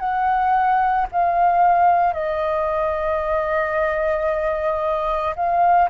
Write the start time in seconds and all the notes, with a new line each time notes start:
0.00 F#5
1.12 F5
2.14 D#5
5.36 F5